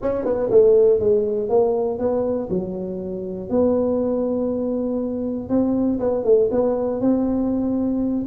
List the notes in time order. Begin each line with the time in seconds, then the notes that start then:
0.02 C#4
0.24 B3
0.50 A3
0.99 G#3
1.49 A#3
1.98 B3
2.49 F#3
3.49 B3
5.49 C4
5.99 B3
6.24 A3
6.51 B3
7.00 C4